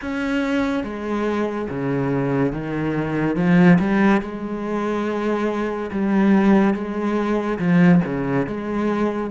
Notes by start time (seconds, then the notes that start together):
0.01 C#4
0.83 G#3
1.69 C#3
2.52 D#3
3.36 F3
3.79 G3
4.21 G#3
5.91 G3
6.73 G#3
7.58 F3
8.04 C#3
8.46 G#3